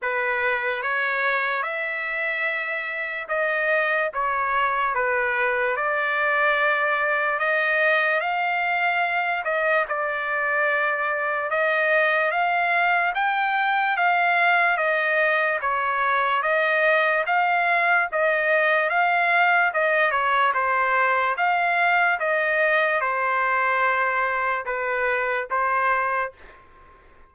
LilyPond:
\new Staff \with { instrumentName = "trumpet" } { \time 4/4 \tempo 4 = 73 b'4 cis''4 e''2 | dis''4 cis''4 b'4 d''4~ | d''4 dis''4 f''4. dis''8 | d''2 dis''4 f''4 |
g''4 f''4 dis''4 cis''4 | dis''4 f''4 dis''4 f''4 | dis''8 cis''8 c''4 f''4 dis''4 | c''2 b'4 c''4 | }